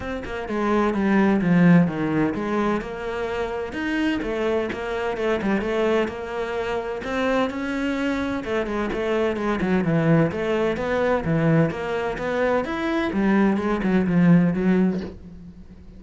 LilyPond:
\new Staff \with { instrumentName = "cello" } { \time 4/4 \tempo 4 = 128 c'8 ais8 gis4 g4 f4 | dis4 gis4 ais2 | dis'4 a4 ais4 a8 g8 | a4 ais2 c'4 |
cis'2 a8 gis8 a4 | gis8 fis8 e4 a4 b4 | e4 ais4 b4 e'4 | g4 gis8 fis8 f4 fis4 | }